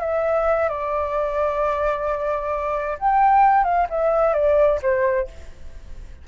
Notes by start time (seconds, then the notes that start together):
0.00 E5
0.68 D5
2.99 G5
3.64 F5
3.89 E5
4.33 D5
4.82 C5